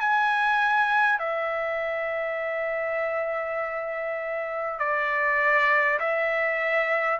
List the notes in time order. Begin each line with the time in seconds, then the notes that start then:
0.00 G#5
1.19 E5
4.79 D5
5.99 E5